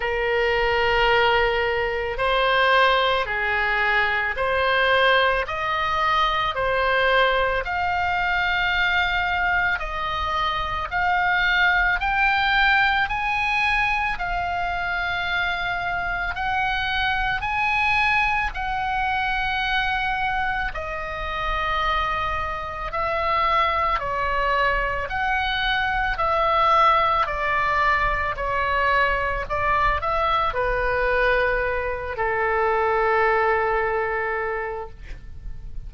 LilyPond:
\new Staff \with { instrumentName = "oboe" } { \time 4/4 \tempo 4 = 55 ais'2 c''4 gis'4 | c''4 dis''4 c''4 f''4~ | f''4 dis''4 f''4 g''4 | gis''4 f''2 fis''4 |
gis''4 fis''2 dis''4~ | dis''4 e''4 cis''4 fis''4 | e''4 d''4 cis''4 d''8 e''8 | b'4. a'2~ a'8 | }